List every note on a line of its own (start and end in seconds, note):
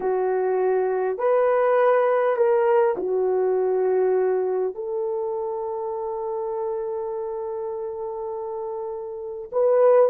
0.00 1.17 F#4
1.17 2.36 B4
2.36 2.95 A#4
2.97 4.74 F#4
4.74 9.49 A4
9.52 10.10 B4